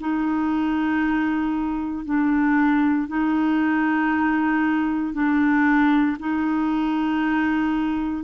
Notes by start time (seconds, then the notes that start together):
0.00 D#4
2.05 D4
3.08 D#4
5.13 D4
6.19 D#4